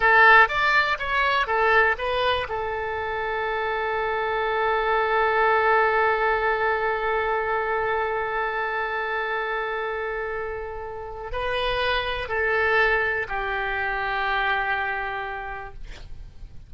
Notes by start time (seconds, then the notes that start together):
0.00 A4
0.48 D5
0.98 C#5
1.46 A4
1.97 B4
2.48 A4
11.31 B4
12.28 A4
13.28 G4